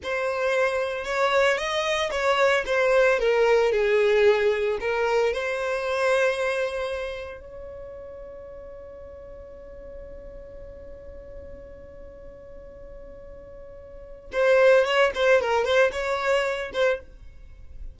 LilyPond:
\new Staff \with { instrumentName = "violin" } { \time 4/4 \tempo 4 = 113 c''2 cis''4 dis''4 | cis''4 c''4 ais'4 gis'4~ | gis'4 ais'4 c''2~ | c''2 cis''2~ |
cis''1~ | cis''1~ | cis''2. c''4 | cis''8 c''8 ais'8 c''8 cis''4. c''8 | }